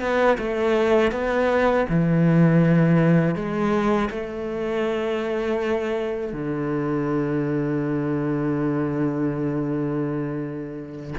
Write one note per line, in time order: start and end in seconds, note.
0.00 0.37 B3
0.38 1.12 A3
1.12 1.86 B3
1.89 3.35 E3
3.35 4.09 G#3
4.10 6.33 A3
6.33 11.14 D3